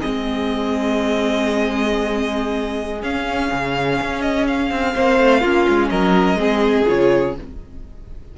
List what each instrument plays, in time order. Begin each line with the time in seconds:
0.00 cello G#3, viola C4, violin G#4 D#5
3.01 viola C#4, cello C#4, violin F5
3.52 cello C#3
4.01 cello C#4
4.22 violin D#5
4.47 violin F5
4.71 cello C4
4.95 cello A#3, viola C4, violin C5
5.20 cello A3
5.41 cello A#3, viola C#4, violin F4
5.69 cello G#3
5.89 cello F#3, violin A#4 D#5
6.34 cello G#3, viola C4, violin G#4
6.86 cello C#3, viola F4, violin C#5